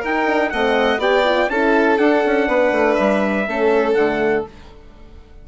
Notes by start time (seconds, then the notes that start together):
0.00 D#4 A#4 G5
0.26 D4
0.49 A3 C4 D#5 F#5
0.97 B3 G4 D5 G5
1.24 F4
1.49 C#4 E4 A4 A5
1.98 D4 F#5
2.25 C#4
2.47 B3 B4
2.71 A3
2.94 G3 E5
3.47 A3 C#4 A4
3.93 D3 A3 F#5